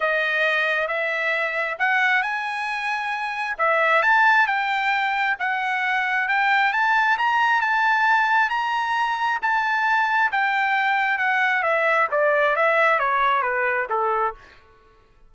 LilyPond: \new Staff \with { instrumentName = "trumpet" } { \time 4/4 \tempo 4 = 134 dis''2 e''2 | fis''4 gis''2. | e''4 a''4 g''2 | fis''2 g''4 a''4 |
ais''4 a''2 ais''4~ | ais''4 a''2 g''4~ | g''4 fis''4 e''4 d''4 | e''4 cis''4 b'4 a'4 | }